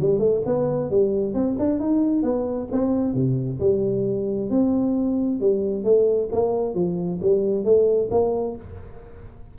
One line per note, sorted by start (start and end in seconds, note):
0.00 0.19 G3
0.19 0.42 A3
0.46 0.91 B3
0.91 1.34 G3
1.34 1.57 C4
1.59 1.79 D4
1.79 2.23 D#4
2.23 2.68 B3
2.72 3.14 C4
3.14 3.59 C3
3.60 4.50 G3
4.50 5.41 C4
5.41 5.84 G3
5.84 6.29 A3
6.32 6.74 A#3
6.74 7.20 F3
7.22 7.64 G3
7.64 8.10 A3
8.11 8.56 A#3